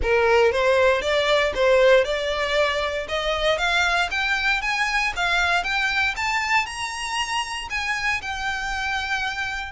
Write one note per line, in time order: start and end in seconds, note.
0.02 0.52 A#4
0.52 1.01 C5
1.01 1.52 D5
1.54 2.04 C5
2.04 3.07 D5
3.08 3.58 D#5
3.58 4.09 F5
4.10 4.61 G5
4.61 5.13 G#5
5.16 5.63 F5
5.63 6.14 G5
6.16 6.65 A5
6.65 7.68 A#5
7.69 8.21 G#5
8.21 9.72 G5